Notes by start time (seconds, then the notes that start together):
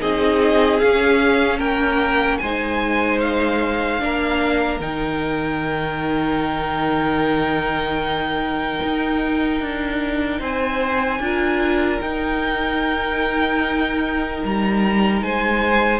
0.00 C4 D#4 G#4 D#5
0.79 C#4 F5
1.58 A#3 A#4 G5
2.38 G#3 D#4 C5 G#5
3.20 F5
3.99 A#3 D4 A#4
4.80 D#3 D#4 G5
8.83 D#4
9.61 D4
10.40 C4 C5 G#5
11.19 D4 F4 A#4
12.01 D#4 G5
14.44 G3 A#5
15.22 G#3 C5 G#5